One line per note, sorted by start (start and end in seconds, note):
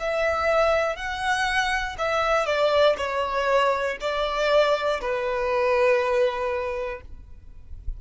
0.00 0.96 E5
0.96 1.96 F#5
1.99 2.46 E5
2.46 2.96 D5
2.98 3.98 C#5
4.01 5.01 D5
5.01 7.01 B4